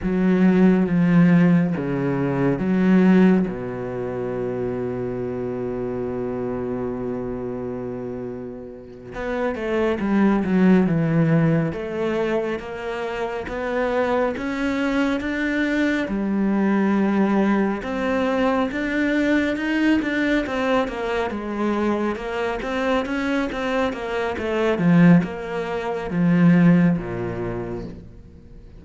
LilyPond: \new Staff \with { instrumentName = "cello" } { \time 4/4 \tempo 4 = 69 fis4 f4 cis4 fis4 | b,1~ | b,2~ b,8 b8 a8 g8 | fis8 e4 a4 ais4 b8~ |
b8 cis'4 d'4 g4.~ | g8 c'4 d'4 dis'8 d'8 c'8 | ais8 gis4 ais8 c'8 cis'8 c'8 ais8 | a8 f8 ais4 f4 ais,4 | }